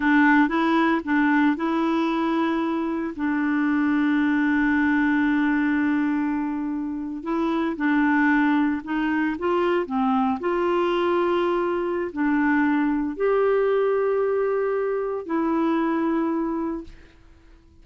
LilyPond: \new Staff \with { instrumentName = "clarinet" } { \time 4/4 \tempo 4 = 114 d'4 e'4 d'4 e'4~ | e'2 d'2~ | d'1~ | d'4.~ d'16 e'4 d'4~ d'16~ |
d'8. dis'4 f'4 c'4 f'16~ | f'2. d'4~ | d'4 g'2.~ | g'4 e'2. | }